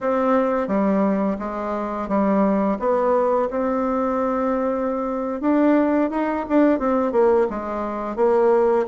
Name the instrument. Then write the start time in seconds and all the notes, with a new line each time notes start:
bassoon
0.00 C4
0.67 G3
1.39 G#3
2.08 G3
2.79 B3
3.50 C4
5.40 D4
6.10 D#4
6.49 D4
6.79 C4
7.12 A#3
7.49 G#3
8.16 A#3